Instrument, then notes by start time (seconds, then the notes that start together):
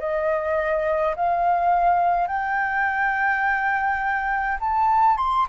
flute
0.00 D#5
1.16 F5
2.28 G5
4.60 A5
5.18 C6